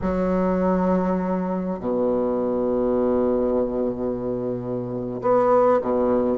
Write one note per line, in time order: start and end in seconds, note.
0.01 1.79 F#3
1.79 5.21 B2
5.21 5.81 B3
5.81 6.37 B2